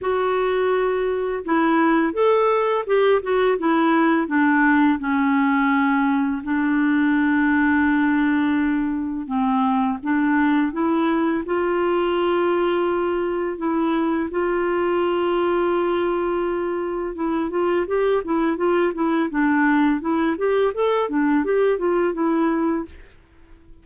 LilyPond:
\new Staff \with { instrumentName = "clarinet" } { \time 4/4 \tempo 4 = 84 fis'2 e'4 a'4 | g'8 fis'8 e'4 d'4 cis'4~ | cis'4 d'2.~ | d'4 c'4 d'4 e'4 |
f'2. e'4 | f'1 | e'8 f'8 g'8 e'8 f'8 e'8 d'4 | e'8 g'8 a'8 d'8 g'8 f'8 e'4 | }